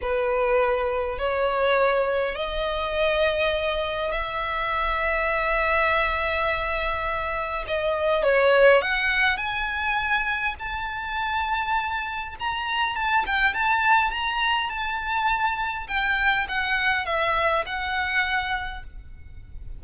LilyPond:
\new Staff \with { instrumentName = "violin" } { \time 4/4 \tempo 4 = 102 b'2 cis''2 | dis''2. e''4~ | e''1~ | e''4 dis''4 cis''4 fis''4 |
gis''2 a''2~ | a''4 ais''4 a''8 g''8 a''4 | ais''4 a''2 g''4 | fis''4 e''4 fis''2 | }